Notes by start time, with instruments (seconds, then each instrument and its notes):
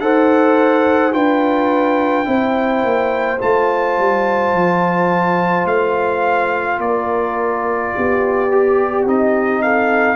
0.00 tuba D#4, trombone A4, horn C5, trumpet F#5
1.12 tuba D4, trombone F4, horn B4, trumpet G5
2.25 tuba C4, trombone E4, horn C5
2.83 tuba A#3
3.39 tuba A3, trombone F4, trumpet A5
3.98 tuba G3
4.54 tuba F3
5.65 tuba A3, trumpet F5
6.78 tuba A#3, horn A#4, trumpet D5
7.95 tuba B3, horn G4
8.51 trombone G4
9.05 tuba C4, trombone D#4, trumpet D#5
9.62 horn A4, trumpet F5